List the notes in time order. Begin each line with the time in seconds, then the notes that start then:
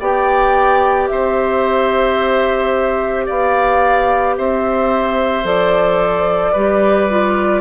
0.00 B3 G4 D5 G5
1.08 C4 C5 E5
3.26 B3 D5 F5
4.37 C4 C5 E5
5.44 F3 A4 D5
6.52 G3 G4 B4
7.10 F4